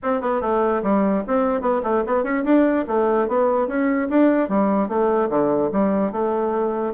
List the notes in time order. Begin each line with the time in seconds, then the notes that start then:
0.02 C4
0.21 B3
0.41 A3
0.83 G3
1.27 C4
1.61 B3
1.83 A3
2.06 B3
2.23 C#4
2.44 D4
2.87 A3
3.28 B3
3.67 C#4
4.09 D4
4.49 G3
4.88 A3
5.29 D3
5.72 G3
6.12 A3